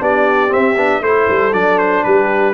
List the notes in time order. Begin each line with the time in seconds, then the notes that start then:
0.00 B3 D4 G4 D5
0.49 C4 E5
0.76 B3 D4
1.01 A3 E4 A4 C5
1.30 G3
1.53 F#3 D4 D5
1.79 C5
2.04 G3 G4 B4